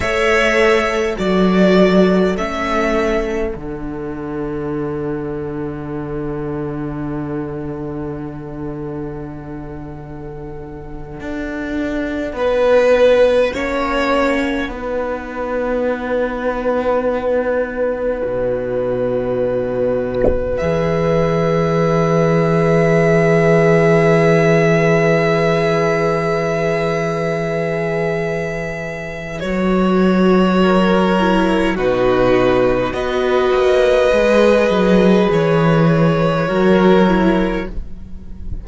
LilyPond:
<<
  \new Staff \with { instrumentName = "violin" } { \time 4/4 \tempo 4 = 51 e''4 d''4 e''4 fis''4~ | fis''1~ | fis''1~ | fis''1~ |
fis''4. e''2~ e''8~ | e''1~ | e''4 cis''2 b'4 | dis''2 cis''2 | }
  \new Staff \with { instrumentName = "violin" } { \time 4/4 cis''4 a'2.~ | a'1~ | a'2~ a'8 b'4 cis''8~ | cis''8 b'2.~ b'8~ |
b'1~ | b'1~ | b'2 ais'4 fis'4 | b'2. ais'4 | }
  \new Staff \with { instrumentName = "viola" } { \time 4/4 a'4 fis'4 cis'4 d'4~ | d'1~ | d'2.~ d'8 cis'8~ | cis'8 dis'2.~ dis'8~ |
dis'4. gis'2~ gis'8~ | gis'1~ | gis'4 fis'4. e'8 dis'4 | fis'4 gis'2 fis'8 e'8 | }
  \new Staff \with { instrumentName = "cello" } { \time 4/4 a4 fis4 a4 d4~ | d1~ | d4. d'4 b4 ais8~ | ais8 b2. b,8~ |
b,4. e2~ e8~ | e1~ | e4 fis2 b,4 | b8 ais8 gis8 fis8 e4 fis4 | }
>>